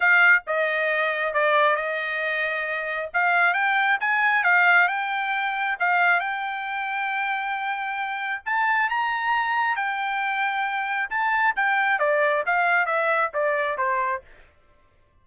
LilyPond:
\new Staff \with { instrumentName = "trumpet" } { \time 4/4 \tempo 4 = 135 f''4 dis''2 d''4 | dis''2. f''4 | g''4 gis''4 f''4 g''4~ | g''4 f''4 g''2~ |
g''2. a''4 | ais''2 g''2~ | g''4 a''4 g''4 d''4 | f''4 e''4 d''4 c''4 | }